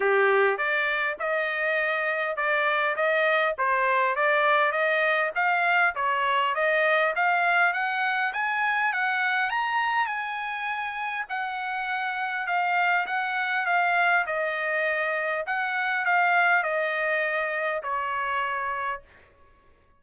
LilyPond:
\new Staff \with { instrumentName = "trumpet" } { \time 4/4 \tempo 4 = 101 g'4 d''4 dis''2 | d''4 dis''4 c''4 d''4 | dis''4 f''4 cis''4 dis''4 | f''4 fis''4 gis''4 fis''4 |
ais''4 gis''2 fis''4~ | fis''4 f''4 fis''4 f''4 | dis''2 fis''4 f''4 | dis''2 cis''2 | }